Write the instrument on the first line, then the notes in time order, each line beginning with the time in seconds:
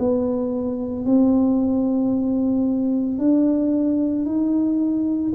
tuba
0.00 B3
1.06 C4
3.19 D4
4.26 D#4